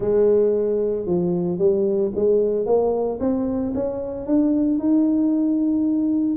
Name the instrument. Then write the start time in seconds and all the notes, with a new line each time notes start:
tuba
0.00 G#3
1.05 F3
1.58 G3
2.15 G#3
2.66 A#3
3.20 C4
3.74 C#4
4.26 D4
4.78 D#4